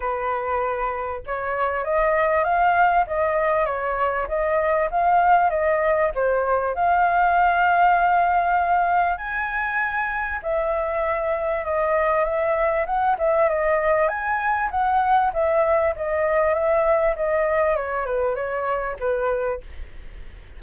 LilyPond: \new Staff \with { instrumentName = "flute" } { \time 4/4 \tempo 4 = 98 b'2 cis''4 dis''4 | f''4 dis''4 cis''4 dis''4 | f''4 dis''4 c''4 f''4~ | f''2. gis''4~ |
gis''4 e''2 dis''4 | e''4 fis''8 e''8 dis''4 gis''4 | fis''4 e''4 dis''4 e''4 | dis''4 cis''8 b'8 cis''4 b'4 | }